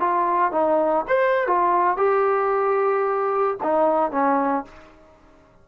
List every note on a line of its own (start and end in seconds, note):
0.00 0.52 F4
0.52 1.06 D#4
1.08 1.47 C5
1.47 1.97 F4
1.97 3.58 G4
3.63 4.11 D#4
4.11 4.65 C#4